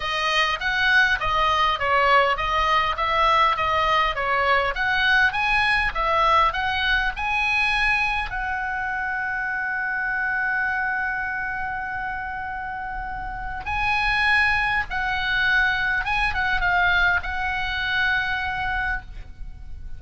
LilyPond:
\new Staff \with { instrumentName = "oboe" } { \time 4/4 \tempo 4 = 101 dis''4 fis''4 dis''4 cis''4 | dis''4 e''4 dis''4 cis''4 | fis''4 gis''4 e''4 fis''4 | gis''2 fis''2~ |
fis''1~ | fis''2. gis''4~ | gis''4 fis''2 gis''8 fis''8 | f''4 fis''2. | }